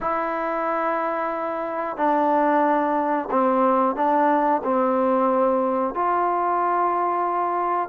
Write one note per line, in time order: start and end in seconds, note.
0.00 1.97 E4
1.97 3.28 D4
3.31 3.95 C4
3.95 4.61 D4
4.64 5.94 C4
5.94 7.89 F4